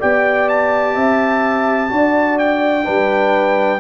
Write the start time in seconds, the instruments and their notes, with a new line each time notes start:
0.00 tuba B3, trombone G4, horn D5, trumpet G5
0.49 trumpet A5
0.94 tuba C4, horn E5
1.89 tuba D4, trombone F#4, horn D5
2.38 trumpet G5
2.83 tuba G3, trombone D4, horn B4